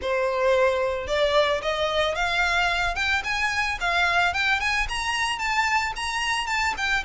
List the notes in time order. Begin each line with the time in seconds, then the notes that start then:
0.01 C5
1.07 D5
1.61 D#5
2.15 F5
2.95 G5
3.24 G#5
3.80 F5
4.33 G5
4.60 G#5
4.88 A#5
5.38 A5
5.96 A#5
6.46 A5
6.77 G5